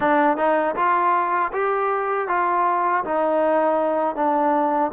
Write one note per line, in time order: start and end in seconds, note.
0.00 0.37 D4
0.37 0.75 D#4
0.75 1.51 F4
1.52 2.28 G4
2.28 3.04 F4
3.04 4.15 D#4
4.15 4.91 D4